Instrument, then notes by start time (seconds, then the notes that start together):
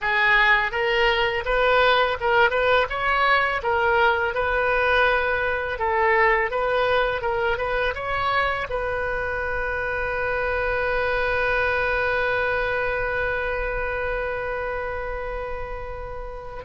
oboe
0.01 G#4
0.71 A#4
1.45 B4
2.20 A#4
2.50 B4
2.89 C#5
3.62 A#4
4.34 B4
5.78 A4
6.51 B4
7.21 A#4
7.57 B4
7.95 C#5
8.69 B4